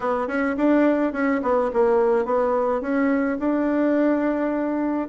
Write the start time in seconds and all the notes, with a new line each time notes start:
0.00 B3
0.27 C#4
0.57 D4
1.12 C#4
1.42 B3
1.73 A#3
2.25 B3
2.81 C#4
3.39 D4